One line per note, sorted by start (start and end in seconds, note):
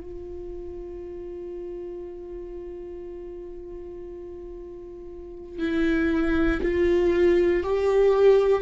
0.00 5.58 F4
5.58 6.60 E4
6.62 7.63 F4
7.63 8.62 G4